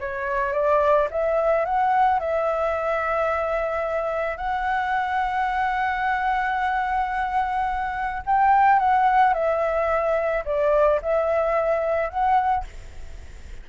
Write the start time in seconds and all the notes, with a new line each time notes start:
0.00 C#5
0.53 D5
1.11 E5
1.65 F#5
2.19 E5
4.37 F#5
8.26 G5
8.79 F#5
9.34 E5
10.45 D5
11.02 E5
12.10 F#5